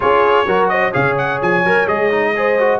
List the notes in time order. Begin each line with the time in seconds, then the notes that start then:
0.00 C#4 F4 G#4 C#5
0.46 F#3 F#4 A#4
0.68 C5 D#5
0.92 C#3 G#4 C#5 F5
1.17 F#5
1.41 F3 G#5
1.63 F#3 A#4
1.86 G#3 G#4 D#5
2.11 D#4
2.36 G#4 C5
2.59 F#4